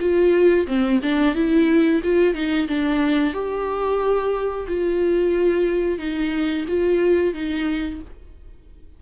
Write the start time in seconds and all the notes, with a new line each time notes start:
0.00 F4
0.67 C4
1.02 D4
1.35 E4
2.03 F4
2.34 D#4
2.68 D4
3.33 G4
4.68 F4
5.98 D#4
6.68 F4
7.34 D#4